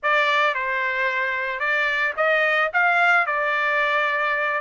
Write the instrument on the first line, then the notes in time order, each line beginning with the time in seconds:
trumpet
0.02 D5
0.54 C5
1.59 D5
2.16 D#5
2.73 F5
3.26 D5